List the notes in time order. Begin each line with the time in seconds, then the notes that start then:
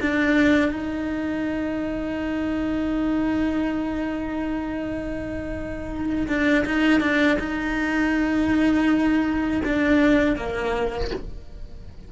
0.00 D4
0.71 D#4
6.27 D4
6.65 D#4
7.00 D4
7.39 D#4
9.64 D4
10.36 A#3